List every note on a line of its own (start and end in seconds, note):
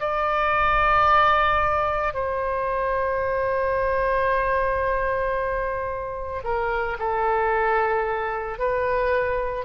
0.00 2.14 D5
2.14 6.43 C5
6.44 6.97 A#4
6.99 8.59 A4
8.59 9.65 B4